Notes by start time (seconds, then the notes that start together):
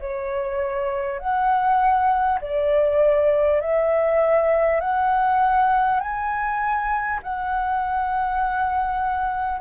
0.00 C#5
1.19 F#5
2.41 D5
3.61 E5
4.81 F#5
6.01 G#5
7.23 F#5